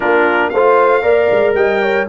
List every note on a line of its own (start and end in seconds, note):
0.00 0.53 A#3
0.00 0.52 D4
0.00 0.51 F4
0.00 0.49 A#4
0.49 1.03 A3
0.49 1.02 C5
0.49 1.53 F5
0.56 1.02 F4
1.02 1.29 A#3
1.02 2.06 A#4
1.02 1.55 D5
1.31 1.54 G#3
1.54 2.06 G3
1.54 1.81 D#5
1.54 2.07 G5
1.81 2.07 C#5